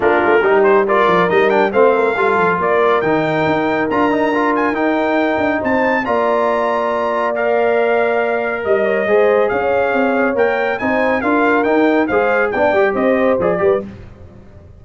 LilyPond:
<<
  \new Staff \with { instrumentName = "trumpet" } { \time 4/4 \tempo 4 = 139 ais'4. c''8 d''4 dis''8 g''8 | f''2 d''4 g''4~ | g''4 ais''4. gis''8 g''4~ | g''4 a''4 ais''2~ |
ais''4 f''2. | dis''2 f''2 | g''4 gis''4 f''4 g''4 | f''4 g''4 dis''4 d''4 | }
  \new Staff \with { instrumentName = "horn" } { \time 4/4 f'4 g'4 ais'2 | c''8 ais'8 a'4 ais'2~ | ais'1~ | ais'4 c''4 d''2~ |
d''1 | dis''8 cis''8 c''4 cis''2~ | cis''4 c''4 ais'2 | c''4 d''4 c''4. b'8 | }
  \new Staff \with { instrumentName = "trombone" } { \time 4/4 d'4 dis'4 f'4 dis'8 d'8 | c'4 f'2 dis'4~ | dis'4 f'8 dis'8 f'4 dis'4~ | dis'2 f'2~ |
f'4 ais'2.~ | ais'4 gis'2. | ais'4 dis'4 f'4 dis'4 | gis'4 d'8 g'4. gis'8 g'8 | }
  \new Staff \with { instrumentName = "tuba" } { \time 4/4 ais8 a8 g4. f8 g4 | a4 g8 f8 ais4 dis4 | dis'4 d'2 dis'4~ | dis'8 d'8 c'4 ais2~ |
ais1 | g4 gis4 cis'4 c'4 | ais4 c'4 d'4 dis'4 | gis4 b8 g8 c'4 f8 g8 | }
>>